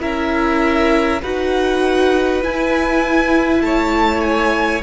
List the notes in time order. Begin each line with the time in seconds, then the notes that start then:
0.00 C#4 E4 A#4 E5
1.22 D#4 F#4 B4 F#5
2.43 E4 G#5
3.60 A3 C#5 A5
4.21 G#5